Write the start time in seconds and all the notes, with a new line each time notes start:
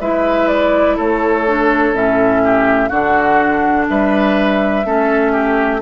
0.00 G#3 E4 B4 E5
0.48 D5
0.96 A3 A4 C#5
1.46 D4
1.93 A2 C#4 E5
2.44 G4
2.88 D3 D4 F#4 F#5
3.89 G3 B4 E5
4.85 A3 C#4 A4
5.32 G4